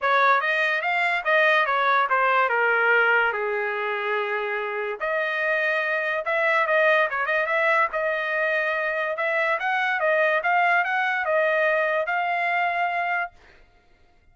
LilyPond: \new Staff \with { instrumentName = "trumpet" } { \time 4/4 \tempo 4 = 144 cis''4 dis''4 f''4 dis''4 | cis''4 c''4 ais'2 | gis'1 | dis''2. e''4 |
dis''4 cis''8 dis''8 e''4 dis''4~ | dis''2 e''4 fis''4 | dis''4 f''4 fis''4 dis''4~ | dis''4 f''2. | }